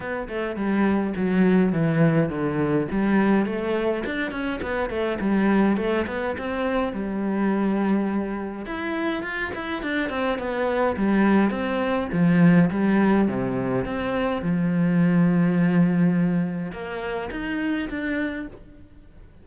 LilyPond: \new Staff \with { instrumentName = "cello" } { \time 4/4 \tempo 4 = 104 b8 a8 g4 fis4 e4 | d4 g4 a4 d'8 cis'8 | b8 a8 g4 a8 b8 c'4 | g2. e'4 |
f'8 e'8 d'8 c'8 b4 g4 | c'4 f4 g4 c4 | c'4 f2.~ | f4 ais4 dis'4 d'4 | }